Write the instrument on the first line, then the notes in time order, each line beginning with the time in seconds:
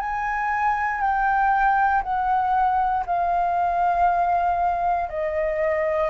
flute
0.00 G#5
1.01 G5
2.03 F#5
3.06 F5
5.09 D#5